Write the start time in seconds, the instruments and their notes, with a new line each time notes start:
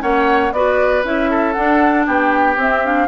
0.00 bassoon A#3, clarinet C#4, oboe C#5, flute F#5
0.52 bassoon B3, clarinet F#4, oboe B4, flute D5
1.04 bassoon C#4, clarinet E4, flute E5
1.31 oboe A4
1.53 clarinet D4, bassoon D4, flute F#5
2.06 bassoon B3, oboe G4, flute G5
2.56 bassoon C4, clarinet C4, flute E5
2.84 clarinet D4, flute F5